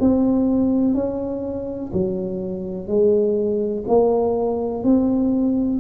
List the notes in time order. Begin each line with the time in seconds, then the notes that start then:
0.00 C4
0.95 C#4
1.93 F#3
2.88 G#3
3.88 A#3
4.84 C4